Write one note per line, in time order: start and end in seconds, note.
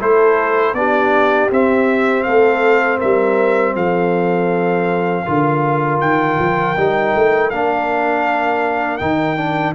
0.00 0.74 A3
0.00 0.75 E4
0.00 0.75 A4
0.00 0.75 C5
0.74 1.49 B3
0.74 1.51 D4
0.74 2.27 G4
0.74 1.50 D5
1.51 2.26 C4
1.51 5.26 C4
1.51 2.24 E5
2.24 3.02 A3
2.24 2.98 A4
2.24 2.99 F5
2.98 3.75 G3
2.98 3.73 A#4
2.98 3.76 E5
3.75 5.25 F3
3.75 5.24 A4
3.75 6.01 F5
5.24 6.01 D3
5.24 6.77 F4
5.24 9.74 A#4
6.01 6.39 D#3
6.01 7.50 G5
6.39 6.77 F3
6.77 7.15 G3
6.77 7.52 D#4
7.16 7.51 A3
7.50 9.01 A#3
7.50 9.00 D4
7.50 8.98 F5
8.98 9.75 D#3
8.98 9.38 D#4
8.98 9.73 G5
9.38 9.75 D4